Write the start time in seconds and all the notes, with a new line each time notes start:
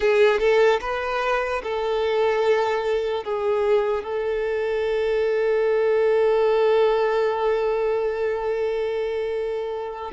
0.00 G#4
0.39 A4
0.80 B4
1.63 A4
3.24 G#4
4.03 A4